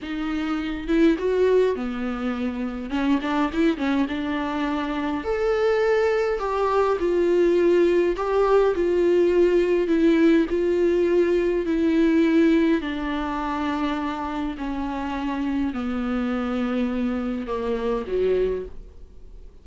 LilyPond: \new Staff \with { instrumentName = "viola" } { \time 4/4 \tempo 4 = 103 dis'4. e'8 fis'4 b4~ | b4 cis'8 d'8 e'8 cis'8 d'4~ | d'4 a'2 g'4 | f'2 g'4 f'4~ |
f'4 e'4 f'2 | e'2 d'2~ | d'4 cis'2 b4~ | b2 ais4 fis4 | }